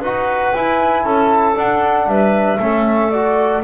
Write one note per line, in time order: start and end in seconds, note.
0.00 0.53 D#4
0.00 0.55 F#4
0.00 1.03 B4
0.00 0.53 F#5
0.53 1.54 E4
0.53 1.04 E4
0.53 1.05 G#5
1.04 1.55 C#4
1.04 2.08 A4
1.04 1.57 A5
1.54 2.58 D4
1.54 2.06 D4
1.54 2.08 F#5
2.06 2.58 G3
2.06 2.60 B4
2.06 3.10 E5
2.59 3.63 A3
2.59 3.12 C#4
2.59 3.63 A4
3.10 3.63 F#4
3.10 3.62 D5